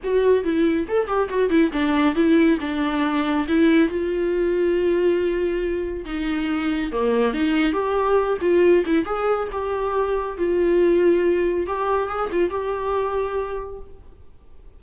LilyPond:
\new Staff \with { instrumentName = "viola" } { \time 4/4 \tempo 4 = 139 fis'4 e'4 a'8 g'8 fis'8 e'8 | d'4 e'4 d'2 | e'4 f'2.~ | f'2 dis'2 |
ais4 dis'4 g'4. f'8~ | f'8 e'8 gis'4 g'2 | f'2. g'4 | gis'8 f'8 g'2. | }